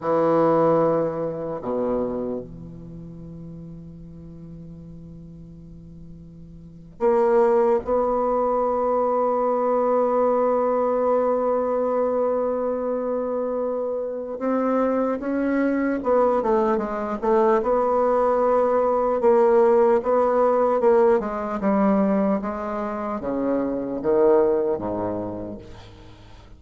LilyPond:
\new Staff \with { instrumentName = "bassoon" } { \time 4/4 \tempo 4 = 75 e2 b,4 e4~ | e1~ | e8. ais4 b2~ b16~ | b1~ |
b2 c'4 cis'4 | b8 a8 gis8 a8 b2 | ais4 b4 ais8 gis8 g4 | gis4 cis4 dis4 gis,4 | }